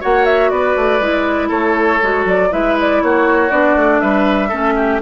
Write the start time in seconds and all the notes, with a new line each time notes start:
0.00 A#3 F#4 C#5 F#5
0.25 E5
0.49 B3 B4 D5
0.76 A3
0.99 G#3 E4
1.48 A3 A4 C#5
2.02 G#3 F#4
2.25 F#3 D5
2.50 G#3 E4 B4 E5
2.80 D5
3.02 A#3 F#4 C#5
3.50 B3 D4 D5
3.75 A3
4.00 G3 B4 E5
4.48 A3 C#4 A4
4.76 G4